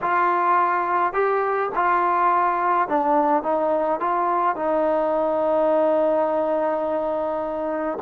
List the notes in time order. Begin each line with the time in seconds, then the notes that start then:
0.01 F4
1.13 G4
1.75 F4
2.88 D4
3.42 D#4
3.99 F4
4.55 D#4